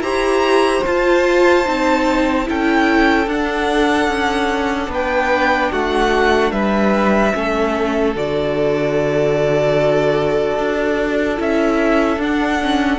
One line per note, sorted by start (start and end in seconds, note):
0.00 0.81 E4
0.00 0.84 G4
0.00 2.47 C5
0.00 0.83 A#5
0.86 1.65 F4
0.86 1.68 F4
0.86 2.48 A5
1.65 2.49 C4
1.65 2.45 D#4
2.45 3.27 C#4
2.45 3.26 E4
2.45 4.91 A4
2.45 3.29 G5
3.27 4.08 D4
3.27 7.34 D4
3.27 4.92 F#5
4.08 4.88 C#4
4.88 5.69 B3
4.88 5.72 B4
4.94 5.72 G5
5.72 6.52 A3
5.72 6.53 F#4
5.72 6.52 F#5
6.52 7.33 G3
6.52 7.34 B4
6.52 8.14 E5
7.34 8.16 A3
7.34 8.15 C#4
7.34 12.99 A4
8.16 10.59 D3
8.16 11.37 F#4
8.16 11.41 D5
10.59 11.40 D4
11.37 12.17 C#4
11.37 12.18 E4
11.37 12.22 E5
12.17 12.98 D4
12.17 12.61 D4
12.17 12.99 F#5
12.63 12.99 C#4